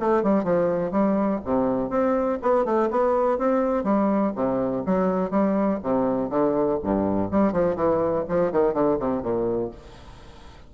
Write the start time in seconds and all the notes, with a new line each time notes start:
0.00 A3
0.23 G3
0.44 F3
0.92 G3
1.45 C3
1.90 C4
2.43 B3
2.65 A3
2.91 B3
3.39 C4
3.84 G3
4.36 C3
4.86 F#3
5.31 G3
5.84 C3
6.30 D3
6.83 G2
7.31 G3
7.53 F3
7.76 E3
8.29 F3
8.52 D#3
8.74 D3
9.00 C3
9.23 A#2